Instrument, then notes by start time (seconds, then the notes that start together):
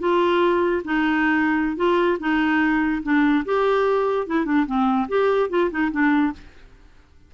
clarinet
0.00 F4
0.84 D#4
1.77 F4
2.20 D#4
3.03 D4
3.46 G4
4.27 E4
4.46 D4
4.66 C4
5.09 G4
5.50 F4
5.71 D#4
5.92 D4